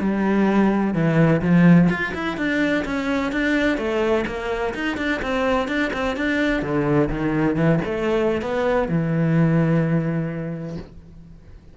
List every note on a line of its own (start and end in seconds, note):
0.00 0.94 G3
0.94 1.41 E3
1.42 1.89 F3
1.89 2.13 F4
2.14 2.37 E4
2.37 2.85 D4
2.85 3.32 C#4
3.32 3.78 D4
3.78 4.25 A3
4.27 4.74 A#3
4.74 4.97 D#4
4.97 5.21 D4
5.22 5.68 C4
5.68 5.91 D4
5.93 6.16 C4
6.16 6.62 D4
6.62 7.09 D3
7.09 7.56 D#3
7.56 7.80 E3
7.85 8.41 A3
8.41 8.88 B3
8.88 10.77 E3